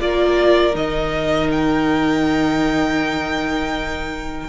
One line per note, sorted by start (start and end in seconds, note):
0.00 0.75 A#3
0.00 0.74 F4
0.00 4.49 A#4
0.00 0.75 D5
0.74 4.49 D#3
0.74 4.49 D#4
0.74 1.51 D#5
1.51 4.49 G5